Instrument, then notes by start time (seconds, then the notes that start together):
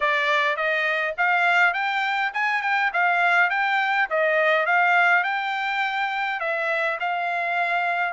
trumpet
0.00 D5
0.56 D#5
1.17 F5
1.73 G5
2.33 G#5
2.62 G5
2.93 F5
3.50 G5
4.09 D#5
4.66 F5
5.23 G5
6.39 E5
7.00 F5